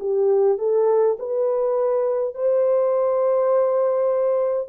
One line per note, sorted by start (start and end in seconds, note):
0.00 0.58 G4
0.58 1.17 A4
1.19 2.35 B4
2.35 4.68 C5